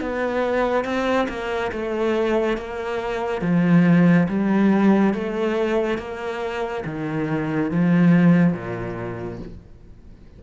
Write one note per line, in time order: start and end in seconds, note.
0.00 0.85 B3
0.85 1.27 C4
1.28 1.71 A#3
1.71 2.57 A3
2.57 3.41 A#3
3.41 4.27 F3
4.29 5.14 G3
5.14 5.98 A3
5.98 6.84 A#3
6.85 7.71 D#3
7.71 8.53 F3
8.53 9.39 A#2